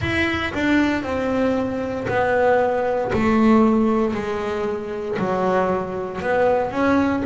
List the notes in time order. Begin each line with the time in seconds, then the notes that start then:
0.00 E4
0.54 D4
1.03 C4
2.08 B3
3.13 A3
4.14 G#3
5.19 F#3
6.21 B3
6.71 C#4